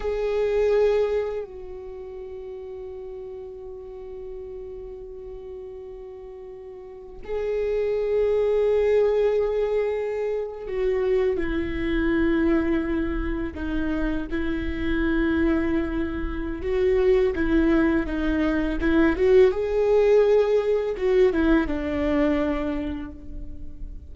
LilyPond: \new Staff \with { instrumentName = "viola" } { \time 4/4 \tempo 4 = 83 gis'2 fis'2~ | fis'1~ | fis'2 gis'2~ | gis'2~ gis'8. fis'4 e'16~ |
e'2~ e'8. dis'4 e'16~ | e'2. fis'4 | e'4 dis'4 e'8 fis'8 gis'4~ | gis'4 fis'8 e'8 d'2 | }